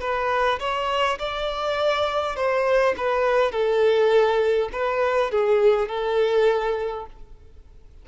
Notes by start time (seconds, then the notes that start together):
0.00 B4
0.59 C#5
1.19 D5
2.36 C5
2.97 B4
3.51 A4
4.72 B4
5.31 G#4
5.88 A4